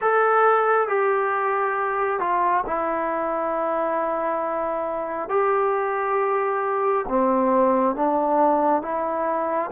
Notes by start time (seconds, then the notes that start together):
0.01 A4
0.88 G4
2.19 F4
2.66 E4
5.29 G4
7.08 C4
7.95 D4
8.82 E4